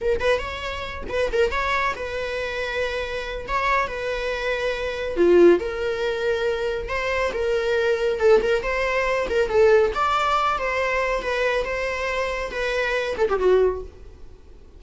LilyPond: \new Staff \with { instrumentName = "viola" } { \time 4/4 \tempo 4 = 139 ais'8 b'8 cis''4. b'8 ais'8 cis''8~ | cis''8 b'2.~ b'8 | cis''4 b'2. | f'4 ais'2. |
c''4 ais'2 a'8 ais'8 | c''4. ais'8 a'4 d''4~ | d''8 c''4. b'4 c''4~ | c''4 b'4. a'16 g'16 fis'4 | }